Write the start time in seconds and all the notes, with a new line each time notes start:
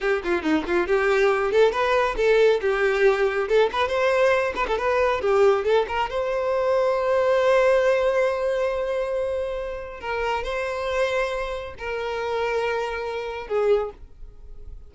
0.00 G4
0.24 F4
0.42 D#4
0.66 F4
0.87 G4
1.51 A4
1.72 B4
2.17 A4
2.61 G4
3.48 A4
3.72 B4
3.88 C5
4.55 B4
4.67 A4
4.78 B4
5.21 G4
5.64 A4
5.88 A#4
6.10 C5
10.00 A#4
10.43 C5
11.78 A#4
13.47 G#4